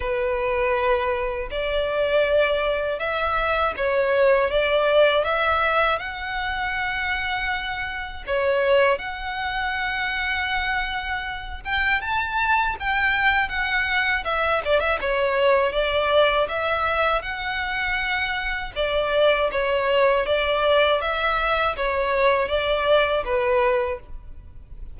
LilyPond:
\new Staff \with { instrumentName = "violin" } { \time 4/4 \tempo 4 = 80 b'2 d''2 | e''4 cis''4 d''4 e''4 | fis''2. cis''4 | fis''2.~ fis''8 g''8 |
a''4 g''4 fis''4 e''8 d''16 e''16 | cis''4 d''4 e''4 fis''4~ | fis''4 d''4 cis''4 d''4 | e''4 cis''4 d''4 b'4 | }